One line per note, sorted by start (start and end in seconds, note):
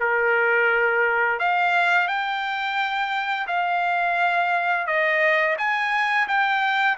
0.00 1.40 A#4
1.40 2.08 F5
2.08 3.47 G5
3.48 4.87 F5
4.87 5.57 D#5
5.58 6.28 G#5
6.28 6.98 G5